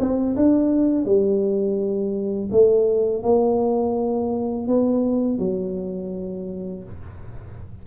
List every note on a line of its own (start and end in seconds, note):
0.00 0.36 C4
0.36 1.05 D4
1.05 2.50 G3
2.52 3.23 A3
3.23 4.68 A#3
4.68 5.39 B3
5.39 6.84 F#3